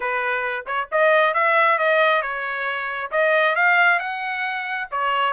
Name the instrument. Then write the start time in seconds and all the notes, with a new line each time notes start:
trumpet
0.00 B4
0.66 C#5
0.91 D#5
1.34 E5
1.78 D#5
2.22 C#5
3.11 D#5
3.55 F5
3.99 F#5
4.91 C#5